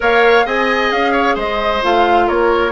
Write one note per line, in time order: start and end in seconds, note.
0.00 0.46 A#3
0.00 0.45 A#4
0.00 0.45 C#5
0.00 0.47 F5
0.45 0.91 C4
0.45 1.81 G#4
0.45 1.12 D#5
0.45 0.91 G#5
0.91 1.35 C#4
0.91 1.37 F5
1.12 1.34 C#5
1.35 1.81 G#3
1.35 2.25 C5
1.35 1.83 D#5
1.82 2.29 A3
1.82 2.71 F4
1.82 2.28 F5
2.26 2.71 A#3
2.26 2.71 A#4
2.26 2.71 C#5